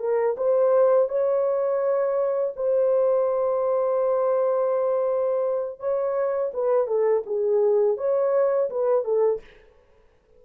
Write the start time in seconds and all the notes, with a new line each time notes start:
0.00 A#4
0.38 C5
1.09 C#5
2.56 C5
5.80 C#5
6.54 B4
6.87 A4
7.27 G#4
7.98 C#5
8.70 B4
9.05 A4